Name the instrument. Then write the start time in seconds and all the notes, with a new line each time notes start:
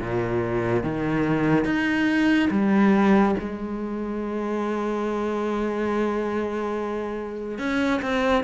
cello
0.00 A#2
0.83 D#3
1.65 D#4
2.51 G3
3.40 G#3
7.59 C#4
8.02 C4